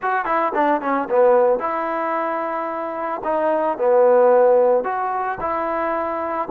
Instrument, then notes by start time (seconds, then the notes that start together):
trombone
0.02 F#4
0.25 E4
0.54 D4
0.81 C#4
1.09 B3
1.59 E4
3.24 D#4
3.78 B3
4.84 F#4
5.40 E4